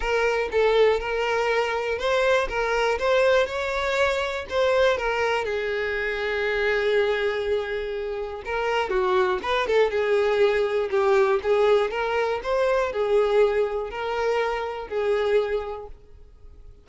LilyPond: \new Staff \with { instrumentName = "violin" } { \time 4/4 \tempo 4 = 121 ais'4 a'4 ais'2 | c''4 ais'4 c''4 cis''4~ | cis''4 c''4 ais'4 gis'4~ | gis'1~ |
gis'4 ais'4 fis'4 b'8 a'8 | gis'2 g'4 gis'4 | ais'4 c''4 gis'2 | ais'2 gis'2 | }